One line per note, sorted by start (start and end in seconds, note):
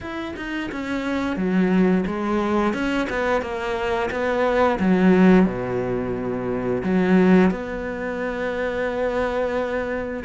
0.00 0.34 E4
0.36 0.70 D#4
0.71 1.36 C#4
1.36 2.04 F#3
2.06 2.73 G#3
2.73 3.07 C#4
3.09 3.41 B3
3.41 4.09 A#3
4.10 4.79 B3
4.79 5.45 F#3
5.45 6.82 B2
6.83 7.51 F#3
7.51 10.23 B3